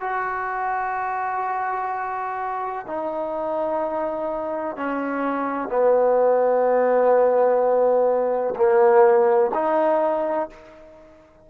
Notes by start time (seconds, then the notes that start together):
0.00 F#4
2.86 D#4
4.76 C#4
5.68 B3
8.56 A#3
9.54 D#4